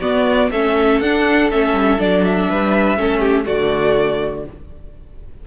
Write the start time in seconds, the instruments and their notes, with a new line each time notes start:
0.00 viola B3, cello B3, violin F#4 D5
0.51 cello A3, viola C#4, violin A4 E5
1.00 cello D4, viola D4, violin F#5
1.50 cello A3, viola C#4, violin E5
1.72 cello G3
1.98 cello F#3, viola D4, violin D5
2.24 violin E5
2.49 cello G3, violin B4
2.97 cello A3, viola C#4, violin A4
3.20 violin G4
3.44 cello D3, viola A3, violin F#4 D5